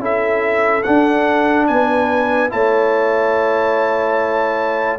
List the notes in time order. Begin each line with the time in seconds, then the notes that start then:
0.00 C#4 E4 A4 E5
0.84 D4 F#5
1.67 B3 B4 G#5
2.50 A3 E4 C#5 A5